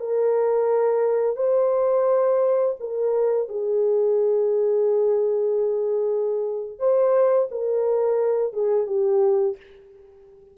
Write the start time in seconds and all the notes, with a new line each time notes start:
0.00 A#4
1.36 C5
2.80 A#4
3.49 G#4
6.79 C5
7.51 A#4
8.53 G#4
8.87 G4